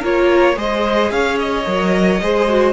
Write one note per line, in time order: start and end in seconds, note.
0.00 0.56 A#3
0.00 0.55 F4
0.00 0.55 A#4
0.00 0.58 C#5
0.55 1.11 G#3
0.55 1.64 G#4
0.55 1.12 C5
0.55 1.11 D#5
1.11 1.66 C#4
1.11 2.22 C#5
1.11 1.38 F5
1.40 2.73 D#5
1.66 2.21 F#3
1.66 2.20 A#4
2.22 2.73 G#3
2.22 2.49 G#4
2.22 2.73 C5
2.49 2.73 F#4